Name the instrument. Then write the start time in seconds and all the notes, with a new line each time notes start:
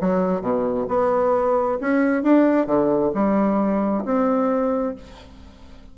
bassoon
0.00 F#3
0.41 B2
0.88 B3
1.80 C#4
2.22 D4
2.66 D3
3.14 G3
4.04 C4